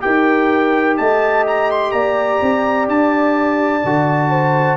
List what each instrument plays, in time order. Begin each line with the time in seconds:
0.00 tuba D#4, trombone G4, horn A#4, trumpet G5
0.97 tuba A3, horn D#5, trumpet A5
1.47 trumpet A#5
1.71 trumpet C6
1.91 tuba A#3, horn D5, trumpet A#5
2.41 tuba C4
2.87 tuba D4, trumpet A5
3.84 tuba D3, trombone F#4
4.30 horn C5